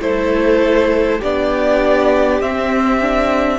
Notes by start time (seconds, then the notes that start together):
0.00 A3 E4 A4 C5
1.19 B3 D4 G4 D5
2.40 C4 E5
3.02 D4